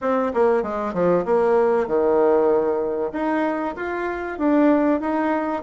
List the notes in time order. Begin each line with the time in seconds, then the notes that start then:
0.01 C4
0.34 A#3
0.62 G#3
0.93 F3
1.25 A#3
1.87 D#3
3.12 D#4
3.76 F4
4.38 D4
5.00 D#4